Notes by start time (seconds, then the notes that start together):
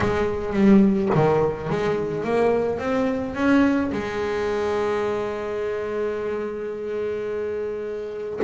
0.00 G#3
0.53 G3
1.14 D#3
1.70 G#3
2.24 A#3
2.78 C4
3.34 C#4
3.92 G#3